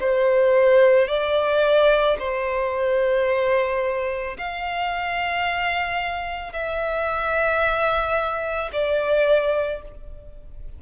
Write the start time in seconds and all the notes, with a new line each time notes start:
0.00 C5
1.08 D5
2.19 C5
4.37 F5
6.53 E5
8.73 D5